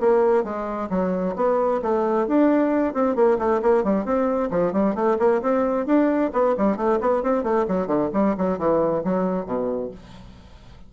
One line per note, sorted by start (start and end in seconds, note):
0.00 0.43 A#3
0.43 0.89 G#3
0.90 1.35 F#3
1.36 1.81 B3
1.82 2.27 A3
2.27 2.94 D4
2.94 3.15 C4
3.15 3.38 A#3
3.38 3.61 A3
3.62 3.84 A#3
3.84 4.05 G3
4.05 4.50 C4
4.50 4.72 F3
4.72 4.95 G3
4.95 5.17 A3
5.19 5.41 A#3
5.42 5.86 C4
5.86 6.31 D4
6.33 6.55 B3
6.57 6.76 G3
6.76 6.99 A3
7.00 7.23 B3
7.23 7.43 C4
7.43 7.66 A3
7.68 7.87 F#3
7.87 8.10 D3
8.13 8.36 G3
8.37 8.58 F#3
8.58 9.03 E3
9.04 9.46 F#3
9.46 9.91 B2